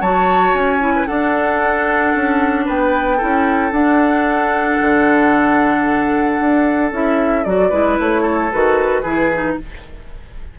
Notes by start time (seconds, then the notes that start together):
0.00 F#3 F#4 C#5 A5
0.53 C#4 G#5
0.80 E4
0.95 B4
1.06 D4 A4 F#5
2.14 C#4
2.65 B3 B4 G5
3.17 C#4 E4 A4
3.71 D4 F#5
4.81 D3
6.39 D4
6.91 C#4 E4 E5
7.44 F#3 F#4 D5
7.69 G#3 E4 B4
7.98 A3 C#5
8.22 A4
8.52 D#3 F#4 B4
9.02 E3 E4 G#4
9.32 D#4